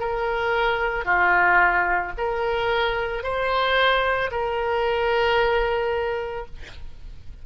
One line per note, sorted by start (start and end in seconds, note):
0.00 1.05 A#4
1.05 2.12 F4
2.18 3.23 A#4
3.23 4.31 C5
4.31 6.46 A#4